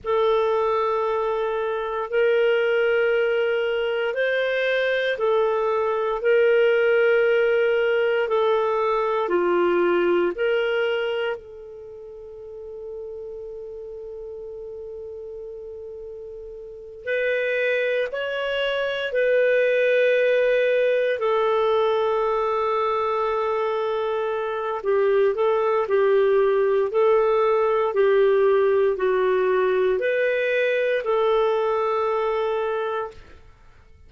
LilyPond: \new Staff \with { instrumentName = "clarinet" } { \time 4/4 \tempo 4 = 58 a'2 ais'2 | c''4 a'4 ais'2 | a'4 f'4 ais'4 a'4~ | a'1~ |
a'8 b'4 cis''4 b'4.~ | b'8 a'2.~ a'8 | g'8 a'8 g'4 a'4 g'4 | fis'4 b'4 a'2 | }